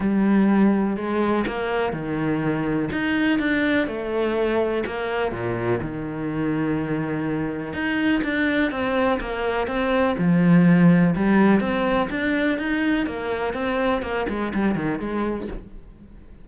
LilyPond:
\new Staff \with { instrumentName = "cello" } { \time 4/4 \tempo 4 = 124 g2 gis4 ais4 | dis2 dis'4 d'4 | a2 ais4 ais,4 | dis1 |
dis'4 d'4 c'4 ais4 | c'4 f2 g4 | c'4 d'4 dis'4 ais4 | c'4 ais8 gis8 g8 dis8 gis4 | }